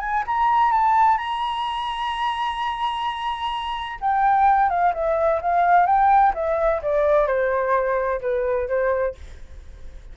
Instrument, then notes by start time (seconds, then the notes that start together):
flute
0.00 G#5
0.27 A#5
0.72 A5
1.18 A#5
4.01 G5
4.69 F5
4.93 E5
5.41 F5
5.86 G5
6.34 E5
6.82 D5
7.27 C5
8.21 B4
8.68 C5